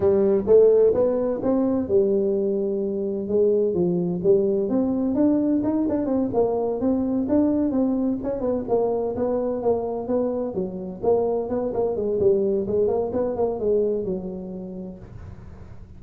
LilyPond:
\new Staff \with { instrumentName = "tuba" } { \time 4/4 \tempo 4 = 128 g4 a4 b4 c'4 | g2. gis4 | f4 g4 c'4 d'4 | dis'8 d'8 c'8 ais4 c'4 d'8~ |
d'8 c'4 cis'8 b8 ais4 b8~ | b8 ais4 b4 fis4 ais8~ | ais8 b8 ais8 gis8 g4 gis8 ais8 | b8 ais8 gis4 fis2 | }